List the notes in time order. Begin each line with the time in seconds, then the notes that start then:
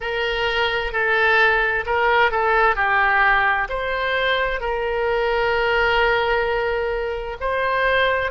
0.00 A#4
0.92 A4
1.85 A#4
2.31 A4
2.75 G4
3.69 C5
4.60 A#4
7.40 C5